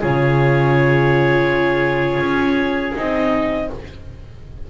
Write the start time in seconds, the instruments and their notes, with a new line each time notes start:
0.00 double bass C#3, viola F4, oboe G#4, clarinet C#5
2.20 double bass C#4
2.95 double bass C4, viola D#4, clarinet D#5